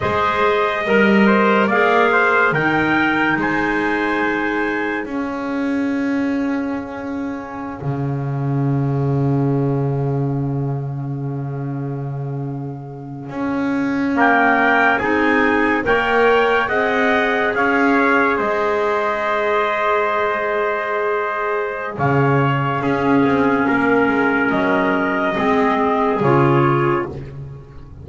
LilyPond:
<<
  \new Staff \with { instrumentName = "trumpet" } { \time 4/4 \tempo 4 = 71 dis''2 f''4 g''4 | gis''2 f''2~ | f''1~ | f''1~ |
f''8. g''4 gis''4 g''4 fis''16~ | fis''8. f''4 dis''2~ dis''16~ | dis''2 f''2~ | f''4 dis''2 cis''4 | }
  \new Staff \with { instrumentName = "trumpet" } { \time 4/4 c''4 ais'8 c''8 d''8 c''8 ais'4 | c''2 gis'2~ | gis'1~ | gis'1~ |
gis'8. ais'4 gis'4 cis''4 dis''16~ | dis''8. cis''4 c''2~ c''16~ | c''2 cis''4 gis'4 | ais'2 gis'2 | }
  \new Staff \with { instrumentName = "clarinet" } { \time 4/4 gis'4 ais'4 gis'4 dis'4~ | dis'2 cis'2~ | cis'1~ | cis'1~ |
cis'8. ais4 dis'4 ais'4 gis'16~ | gis'1~ | gis'2. cis'4~ | cis'2 c'4 f'4 | }
  \new Staff \with { instrumentName = "double bass" } { \time 4/4 gis4 g4 ais4 dis4 | gis2 cis'2~ | cis'4~ cis'16 cis2~ cis8.~ | cis2.~ cis8. cis'16~ |
cis'4.~ cis'16 c'4 ais4 c'16~ | c'8. cis'4 gis2~ gis16~ | gis2 cis4 cis'8 c'8 | ais8 gis8 fis4 gis4 cis4 | }
>>